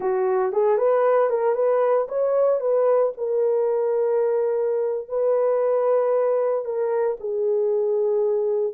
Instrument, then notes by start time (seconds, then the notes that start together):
horn
0.00 F#4
0.52 G#4
0.77 B4
1.29 A#4
1.55 B4
2.08 C#5
2.60 B4
3.17 A#4
5.08 B4
6.64 A#4
7.20 G#4